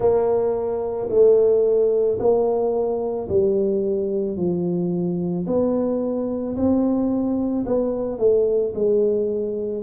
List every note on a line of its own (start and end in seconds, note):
0.00 1.09 A#3
1.09 2.18 A3
2.19 3.28 A#3
3.28 4.36 G3
4.36 5.45 F3
5.46 6.56 B3
6.56 7.65 C4
7.66 8.18 B3
8.18 8.73 A3
8.74 9.83 G#3